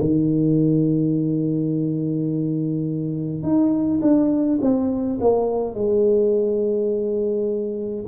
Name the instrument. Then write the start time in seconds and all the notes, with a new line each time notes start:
tuba
0.00 D#3
3.43 D#4
4.02 D4
4.62 C4
5.21 A#3
5.75 G#3